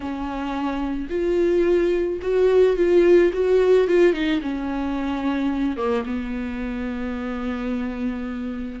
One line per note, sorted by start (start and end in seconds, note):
0.00 1.07 C#4
1.09 2.19 F4
2.22 2.76 F#4
2.76 3.31 F4
3.33 3.87 F#4
3.87 4.13 F4
4.13 4.40 D#4
4.41 5.76 C#4
5.76 6.04 A#3
6.05 8.80 B3